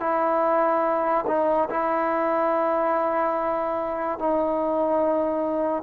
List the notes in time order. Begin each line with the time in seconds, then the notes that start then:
0.00 E4
1.27 D#4
1.70 E4
4.19 D#4